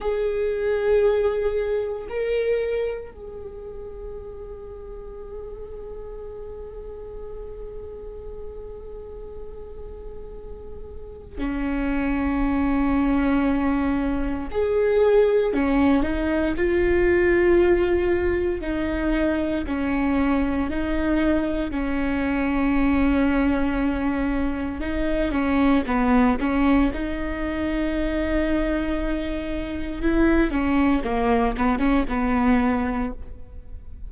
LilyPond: \new Staff \with { instrumentName = "viola" } { \time 4/4 \tempo 4 = 58 gis'2 ais'4 gis'4~ | gis'1~ | gis'2. cis'4~ | cis'2 gis'4 cis'8 dis'8 |
f'2 dis'4 cis'4 | dis'4 cis'2. | dis'8 cis'8 b8 cis'8 dis'2~ | dis'4 e'8 cis'8 ais8 b16 cis'16 b4 | }